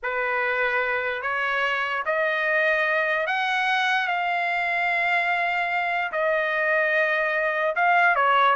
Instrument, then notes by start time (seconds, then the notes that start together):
trumpet
0.02 B4
1.22 C#5
2.05 D#5
3.27 F#5
4.07 F5
6.12 D#5
7.75 F5
8.15 C#5